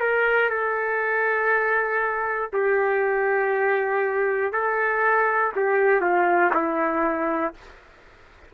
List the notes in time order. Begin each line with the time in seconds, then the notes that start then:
0.00 A#4
0.50 A4
2.53 G4
4.53 A4
5.56 G4
6.01 F4
6.54 E4